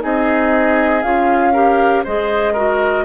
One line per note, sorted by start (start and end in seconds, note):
0.00 1.03 C4
0.00 1.02 D#4
0.00 1.53 G#4
0.00 1.03 D#5
1.03 2.05 C#4
1.03 1.54 F4
1.03 2.04 F5
1.53 2.05 G4
1.53 2.04 A#4
2.04 3.06 G#3
2.04 2.56 G#4
2.04 2.53 C5
2.04 3.06 D#5
2.53 3.06 F#4
2.53 3.04 A#4